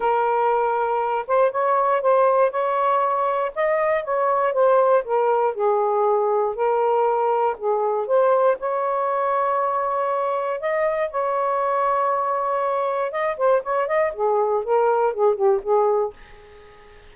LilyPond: \new Staff \with { instrumentName = "saxophone" } { \time 4/4 \tempo 4 = 119 ais'2~ ais'8 c''8 cis''4 | c''4 cis''2 dis''4 | cis''4 c''4 ais'4 gis'4~ | gis'4 ais'2 gis'4 |
c''4 cis''2.~ | cis''4 dis''4 cis''2~ | cis''2 dis''8 c''8 cis''8 dis''8 | gis'4 ais'4 gis'8 g'8 gis'4 | }